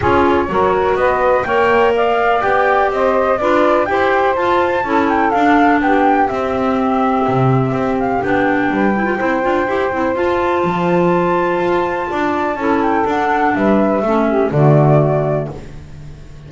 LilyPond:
<<
  \new Staff \with { instrumentName = "flute" } { \time 4/4 \tempo 4 = 124 cis''2 dis''4 g''4 | f''4 g''4 dis''4 d''4 | g''4 a''4. g''8 f''4 | g''4 e''2.~ |
e''8 f''8 g''2.~ | g''4 a''2.~ | a''2~ a''8 g''8 fis''4 | e''2 d''2 | }
  \new Staff \with { instrumentName = "saxophone" } { \time 4/4 gis'4 ais'4 b'4 cis''4 | d''2 c''4 b'4 | c''2 a'2 | g'1~ |
g'2 b'4 c''4~ | c''1~ | c''4 d''4 a'2 | b'4 a'8 g'8 fis'2 | }
  \new Staff \with { instrumentName = "clarinet" } { \time 4/4 f'4 fis'2 ais'4~ | ais'4 g'2 f'4 | g'4 f'4 e'4 d'4~ | d'4 c'2.~ |
c'4 d'4. e'16 f'16 e'8 f'8 | g'8 e'8 f'2.~ | f'2 e'4 d'4~ | d'4 cis'4 a2 | }
  \new Staff \with { instrumentName = "double bass" } { \time 4/4 cis'4 fis4 b4 ais4~ | ais4 b4 c'4 d'4 | e'4 f'4 cis'4 d'4 | b4 c'2 c4 |
c'4 b4 g4 c'8 d'8 | e'8 c'8 f'4 f2 | f'4 d'4 cis'4 d'4 | g4 a4 d2 | }
>>